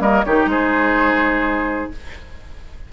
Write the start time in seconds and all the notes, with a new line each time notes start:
0.00 G3 A#3 A#4 D#5
0.23 D#3 D#4 G4 C#5
0.46 G#3 G#4 C5